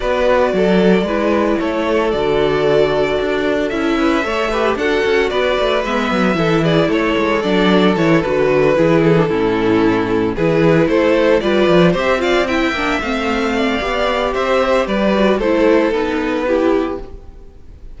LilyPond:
<<
  \new Staff \with { instrumentName = "violin" } { \time 4/4 \tempo 4 = 113 d''2. cis''4 | d''2. e''4~ | e''4 fis''4 d''4 e''4~ | e''8 d''8 cis''4 d''4 cis''8 b'8~ |
b'4 a'2~ a'8 b'8~ | b'8 c''4 d''4 e''8 f''8 g''8~ | g''8 f''2~ f''8 e''4 | d''4 c''4 b'2 | }
  \new Staff \with { instrumentName = "violin" } { \time 4/4 b'4 a'4 b'4 a'4~ | a'2.~ a'8 b'8 | cis''8 b'8 a'4 b'2 | a'8 gis'8 a'2.~ |
a'8 gis'4 e'2 gis'8~ | gis'8 a'4 b'4 c''8 d''8 e''8~ | e''4. d''4. c''4 | b'4 a'2 g'4 | }
  \new Staff \with { instrumentName = "viola" } { \time 4/4 fis'2 e'2 | fis'2. e'4 | a'8 g'8 fis'2 b4 | e'2 d'4 e'8 fis'8~ |
fis'8 e'8. d'16 cis'2 e'8~ | e'4. f'4 g'8 f'8 e'8 | d'8 c'4. g'2~ | g'8 fis'8 e'4 dis'4 e'4 | }
  \new Staff \with { instrumentName = "cello" } { \time 4/4 b4 fis4 gis4 a4 | d2 d'4 cis'4 | a4 d'8 cis'8 b8 a8 gis8 fis8 | e4 a8 gis8 fis4 e8 d8~ |
d8 e4 a,2 e8~ | e8 a4 g8 f8 c'4. | ais8 a4. b4 c'4 | g4 a4 b2 | }
>>